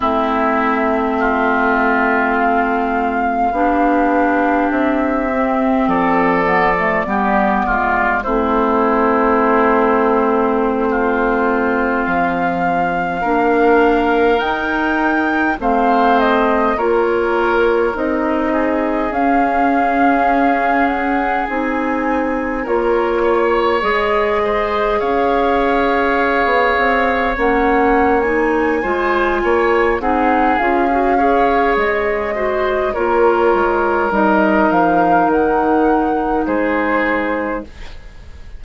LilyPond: <<
  \new Staff \with { instrumentName = "flute" } { \time 4/4 \tempo 4 = 51 e''2 f''2 | e''4 d''2 c''4~ | c''2~ c''16 f''4.~ f''16~ | f''16 g''4 f''8 dis''8 cis''4 dis''8.~ |
dis''16 f''4. fis''8 gis''4 cis''8.~ | cis''16 dis''4 f''2 fis''8. | gis''4. fis''8 f''4 dis''4 | cis''4 dis''8 f''8 fis''4 c''4 | }
  \new Staff \with { instrumentName = "oboe" } { \time 4/4 e'4 f'2 g'4~ | g'4 a'4 g'8 f'8 e'4~ | e'4~ e'16 f'2 ais'8.~ | ais'4~ ais'16 c''4 ais'4. gis'16~ |
gis'2.~ gis'16 ais'8 cis''16~ | cis''8. c''8 cis''2~ cis''8.~ | cis''8 c''8 cis''8 gis'4 cis''4 c''8 | ais'2. gis'4 | }
  \new Staff \with { instrumentName = "clarinet" } { \time 4/4 c'2. d'4~ | d'8 c'4 b16 a16 b4 c'4~ | c'2.~ c'16 d'8.~ | d'16 dis'4 c'4 f'4 dis'8.~ |
dis'16 cis'2 dis'4 f'8.~ | f'16 gis'2. cis'8. | dis'8 f'4 dis'8 f'16 fis'16 gis'4 fis'8 | f'4 dis'2. | }
  \new Staff \with { instrumentName = "bassoon" } { \time 4/4 a2. b4 | c'4 f4 g8 gis8 a4~ | a2~ a16 f4 ais8.~ | ais16 dis'4 a4 ais4 c'8.~ |
c'16 cis'2 c'4 ais8.~ | ais16 gis4 cis'4~ cis'16 b16 c'8 ais8.~ | ais8 gis8 ais8 c'8 cis'4 gis4 | ais8 gis8 g8 f8 dis4 gis4 | }
>>